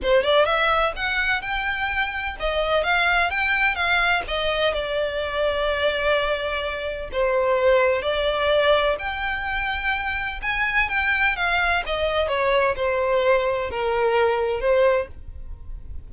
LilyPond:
\new Staff \with { instrumentName = "violin" } { \time 4/4 \tempo 4 = 127 c''8 d''8 e''4 fis''4 g''4~ | g''4 dis''4 f''4 g''4 | f''4 dis''4 d''2~ | d''2. c''4~ |
c''4 d''2 g''4~ | g''2 gis''4 g''4 | f''4 dis''4 cis''4 c''4~ | c''4 ais'2 c''4 | }